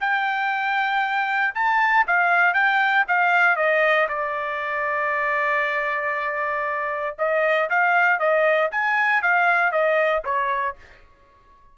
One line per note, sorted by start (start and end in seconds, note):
0.00 1.54 G5
1.54 2.06 A5
2.07 2.53 F5
2.53 3.04 G5
3.07 3.56 F5
3.56 4.07 D#5
4.08 7.16 D5
7.18 7.69 D#5
7.69 8.19 F5
8.19 8.70 D#5
8.71 9.22 G#5
9.22 9.71 F5
9.71 10.23 D#5
10.24 10.76 C#5